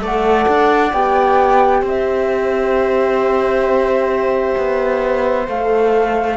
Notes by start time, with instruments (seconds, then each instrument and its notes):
0.00 cello A3, horn A4, viola D5, flute F#5
0.48 cello D4
0.93 cello B3, horn G4, flute G5
1.82 cello C4, viola C5, flute E5
4.57 cello B3
5.48 cello A3, horn A4, flute F5